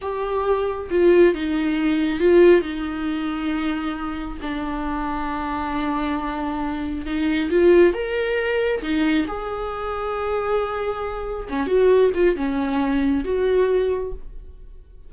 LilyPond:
\new Staff \with { instrumentName = "viola" } { \time 4/4 \tempo 4 = 136 g'2 f'4 dis'4~ | dis'4 f'4 dis'2~ | dis'2 d'2~ | d'1 |
dis'4 f'4 ais'2 | dis'4 gis'2.~ | gis'2 cis'8 fis'4 f'8 | cis'2 fis'2 | }